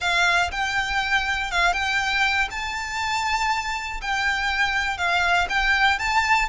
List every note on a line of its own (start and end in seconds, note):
0.00 0.50 F5
0.51 1.51 G5
1.51 1.73 F5
1.73 2.48 G5
2.50 4.00 A5
4.01 4.97 G5
4.97 5.47 F5
5.49 5.98 G5
5.98 6.48 A5